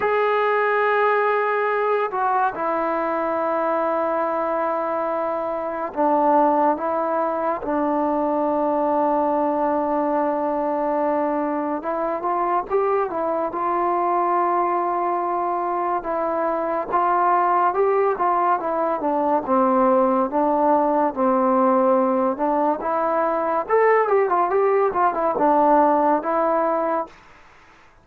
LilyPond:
\new Staff \with { instrumentName = "trombone" } { \time 4/4 \tempo 4 = 71 gis'2~ gis'8 fis'8 e'4~ | e'2. d'4 | e'4 d'2.~ | d'2 e'8 f'8 g'8 e'8 |
f'2. e'4 | f'4 g'8 f'8 e'8 d'8 c'4 | d'4 c'4. d'8 e'4 | a'8 g'16 f'16 g'8 f'16 e'16 d'4 e'4 | }